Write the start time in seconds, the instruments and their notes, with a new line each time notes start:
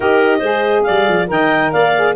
0.00 tuba D#4, saxophone G4, clarinet A#4 D#5
0.38 tuba G#3, saxophone G#4, clarinet C5
0.83 tuba G3, clarinet D5 F5
1.08 tuba F3
1.26 tuba D#3, saxophone A#4, clarinet D#5 G5
1.72 tuba A#3, clarinet D5 F5
1.97 saxophone G#4